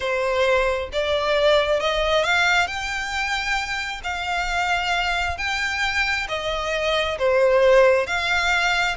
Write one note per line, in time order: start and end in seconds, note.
0.00 0.89 C5
0.92 1.80 D5
1.80 2.24 D#5
2.24 2.67 F5
2.67 4.01 G5
4.03 5.37 F5
5.37 6.27 G5
6.28 7.17 D#5
7.18 8.06 C5
8.06 8.96 F5